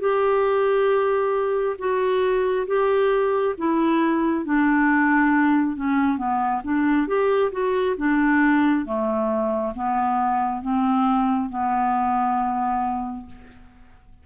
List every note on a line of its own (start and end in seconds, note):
0.00 1.76 G4
1.78 2.67 F#4
2.67 3.55 G4
3.58 4.45 E4
4.45 5.77 D4
5.77 6.17 C#4
6.17 6.61 B3
6.64 7.07 D4
7.07 7.52 G4
7.52 7.96 F#4
7.97 8.86 D4
8.86 9.74 A3
9.75 10.62 B3
10.62 11.50 C4
11.50 13.26 B3